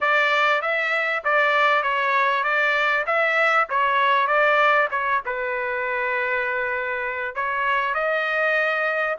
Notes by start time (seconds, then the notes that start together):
0.01 D5
0.61 E5
1.24 D5
1.83 C#5
2.43 D5
3.06 E5
3.69 C#5
4.27 D5
4.90 C#5
5.25 B4
7.35 C#5
7.94 D#5